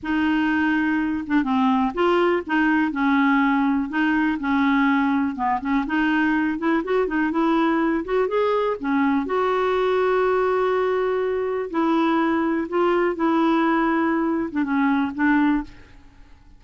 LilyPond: \new Staff \with { instrumentName = "clarinet" } { \time 4/4 \tempo 4 = 123 dis'2~ dis'8 d'8 c'4 | f'4 dis'4 cis'2 | dis'4 cis'2 b8 cis'8 | dis'4. e'8 fis'8 dis'8 e'4~ |
e'8 fis'8 gis'4 cis'4 fis'4~ | fis'1 | e'2 f'4 e'4~ | e'4.~ e'16 d'16 cis'4 d'4 | }